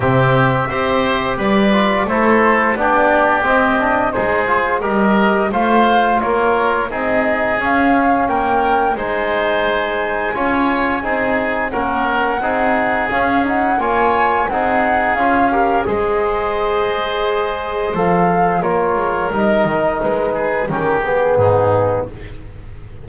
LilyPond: <<
  \new Staff \with { instrumentName = "flute" } { \time 4/4 \tempo 4 = 87 e''2 d''4 c''4 | d''4 dis''4 c''4 dis''4 | f''4 cis''4 dis''4 f''4 | g''4 gis''2.~ |
gis''4 fis''2 f''8 fis''8 | gis''4 fis''4 f''4 dis''4~ | dis''2 f''4 cis''4 | dis''4 b'4 ais'8 gis'4. | }
  \new Staff \with { instrumentName = "oboe" } { \time 4/4 g'4 c''4 b'4 a'4 | g'2 gis'4 ais'4 | c''4 ais'4 gis'2 | ais'4 c''2 cis''4 |
gis'4 ais'4 gis'2 | cis''4 gis'4. ais'8 c''4~ | c''2. ais'4~ | ais'4. gis'8 g'4 dis'4 | }
  \new Staff \with { instrumentName = "trombone" } { \time 4/4 c'4 g'4. f'8 e'4 | d'4 c'8 d'8 dis'8 f'8 g'4 | f'2 dis'4 cis'4~ | cis'4 dis'2 f'4 |
dis'4 cis'4 dis'4 cis'8 dis'8 | f'4 dis'4 f'8 g'8 gis'4~ | gis'2 a'4 f'4 | dis'2 cis'8 b4. | }
  \new Staff \with { instrumentName = "double bass" } { \time 4/4 c4 c'4 g4 a4 | b4 c'4 gis4 g4 | a4 ais4 c'4 cis'4 | ais4 gis2 cis'4 |
c'4 ais4 c'4 cis'4 | ais4 c'4 cis'4 gis4~ | gis2 f4 ais8 gis8 | g8 dis8 gis4 dis4 gis,4 | }
>>